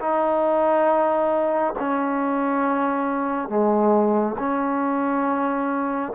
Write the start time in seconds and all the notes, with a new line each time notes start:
0.00 D#4
1.79 C#4
3.49 G#3
4.39 C#4